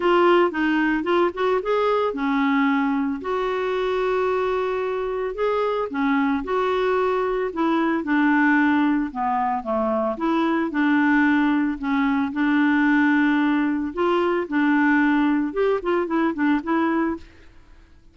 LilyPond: \new Staff \with { instrumentName = "clarinet" } { \time 4/4 \tempo 4 = 112 f'4 dis'4 f'8 fis'8 gis'4 | cis'2 fis'2~ | fis'2 gis'4 cis'4 | fis'2 e'4 d'4~ |
d'4 b4 a4 e'4 | d'2 cis'4 d'4~ | d'2 f'4 d'4~ | d'4 g'8 f'8 e'8 d'8 e'4 | }